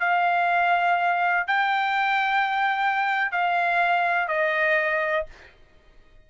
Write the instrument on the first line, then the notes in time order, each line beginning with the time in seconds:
trumpet
0.00 F5
1.47 G5
3.32 F5
4.28 D#5